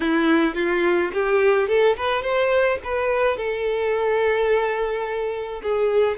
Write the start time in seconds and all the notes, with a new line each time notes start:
0.00 E4
0.54 F4
1.13 G4
1.67 A4
1.96 B4
2.22 C5
2.83 B4
3.37 A4
5.62 G#4